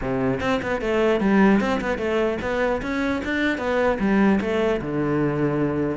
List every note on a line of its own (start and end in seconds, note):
0.01 0.40 C3
0.40 0.60 C4
0.62 0.81 B3
0.81 1.20 A3
1.20 1.60 G3
1.60 1.80 C4
1.81 1.98 B3
1.98 2.38 A3
2.41 2.81 B3
2.82 3.22 C#4
3.24 3.58 D4
3.58 3.98 B3
3.99 4.39 G3
4.40 4.80 A3
4.81 5.97 D3